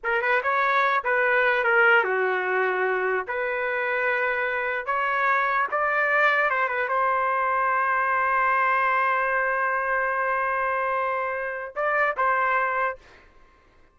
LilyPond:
\new Staff \with { instrumentName = "trumpet" } { \time 4/4 \tempo 4 = 148 ais'8 b'8 cis''4. b'4. | ais'4 fis'2. | b'1 | cis''2 d''2 |
c''8 b'8 c''2.~ | c''1~ | c''1~ | c''4 d''4 c''2 | }